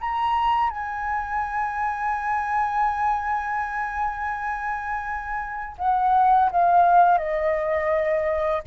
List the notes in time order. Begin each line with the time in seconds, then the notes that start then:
0.00 A#5
0.70 G#5
5.78 F#5
6.51 F5
7.18 D#5